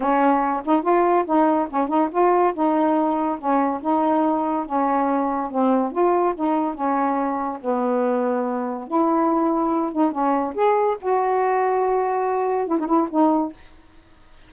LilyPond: \new Staff \with { instrumentName = "saxophone" } { \time 4/4 \tempo 4 = 142 cis'4. dis'8 f'4 dis'4 | cis'8 dis'8 f'4 dis'2 | cis'4 dis'2 cis'4~ | cis'4 c'4 f'4 dis'4 |
cis'2 b2~ | b4 e'2~ e'8 dis'8 | cis'4 gis'4 fis'2~ | fis'2 e'16 dis'16 e'8 dis'4 | }